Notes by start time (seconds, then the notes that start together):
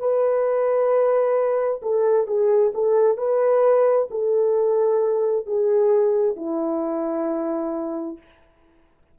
0.00 B4
1.83 A4
2.27 G#4
2.75 A4
3.18 B4
4.11 A4
5.47 G#4
6.37 E4